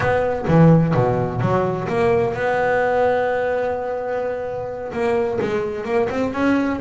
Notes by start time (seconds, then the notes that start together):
0.00 B3
0.47 E3
0.94 B2
1.40 F#3
1.87 A#3
2.34 B3
4.92 A#3
5.41 G#3
5.84 A#3
6.09 C4
6.33 C#4